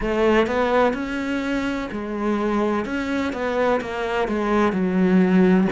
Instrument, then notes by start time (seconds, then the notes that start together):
cello
0.00 A3
0.46 B3
0.93 C#4
1.91 G#3
2.85 C#4
3.32 B3
3.81 A#3
4.28 G#3
4.72 F#3